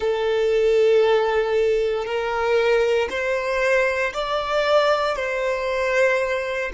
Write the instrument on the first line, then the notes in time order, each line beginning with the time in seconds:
violin
0.00 A4
2.05 A#4
3.09 C5
4.13 D5
5.15 C5